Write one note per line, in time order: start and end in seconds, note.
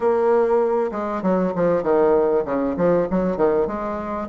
0.00 0.90 A#3
0.91 1.22 G#3
1.22 1.53 F#3
1.55 1.83 F3
1.83 2.44 D#3
2.45 2.76 C#3
2.77 3.07 F3
3.10 3.36 F#3
3.36 3.67 D#3
3.67 4.28 G#3